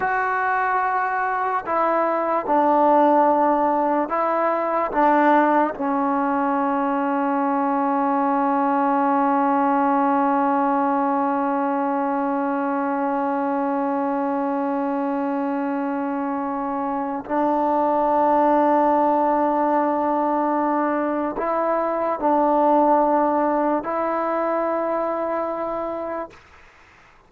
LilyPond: \new Staff \with { instrumentName = "trombone" } { \time 4/4 \tempo 4 = 73 fis'2 e'4 d'4~ | d'4 e'4 d'4 cis'4~ | cis'1~ | cis'1~ |
cis'1~ | cis'4 d'2.~ | d'2 e'4 d'4~ | d'4 e'2. | }